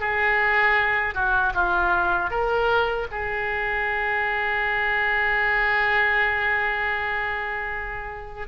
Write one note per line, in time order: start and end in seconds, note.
0.00 1.14 G#4
1.14 1.53 F#4
1.55 2.30 F4
2.30 3.07 A#4
3.11 8.48 G#4